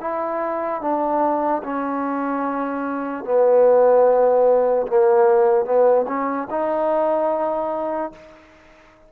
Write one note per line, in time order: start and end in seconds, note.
0.00 0.81 E4
0.81 1.62 D4
1.63 3.24 C#4
3.24 4.86 B3
4.87 5.65 A#3
5.65 6.05 B3
6.07 6.48 C#4
6.50 8.12 D#4